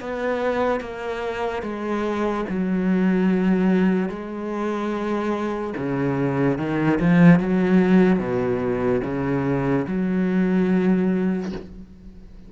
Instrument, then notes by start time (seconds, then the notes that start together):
cello
0.00 B3
0.80 A#3
1.62 G#3
2.49 F#3
4.09 G#3
5.77 C#3
6.58 D#3
7.00 F3
7.39 F#3
8.19 B2
9.04 C#3
9.87 F#3